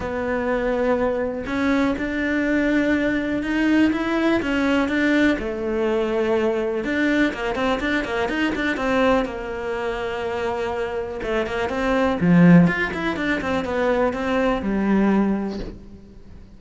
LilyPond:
\new Staff \with { instrumentName = "cello" } { \time 4/4 \tempo 4 = 123 b2. cis'4 | d'2. dis'4 | e'4 cis'4 d'4 a4~ | a2 d'4 ais8 c'8 |
d'8 ais8 dis'8 d'8 c'4 ais4~ | ais2. a8 ais8 | c'4 f4 f'8 e'8 d'8 c'8 | b4 c'4 g2 | }